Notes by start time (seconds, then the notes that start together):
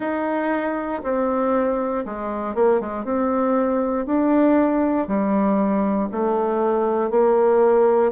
0.00 D#4
1.03 C4
2.05 G#3
2.54 A#3
2.80 G#3
3.04 C4
4.05 D4
5.07 G3
6.11 A3
7.10 A#3